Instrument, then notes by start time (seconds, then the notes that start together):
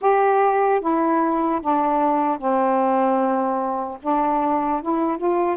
saxophone
0.01 G4
0.80 E4
1.61 D4
2.38 C4
4.02 D4
4.81 E4
5.17 F4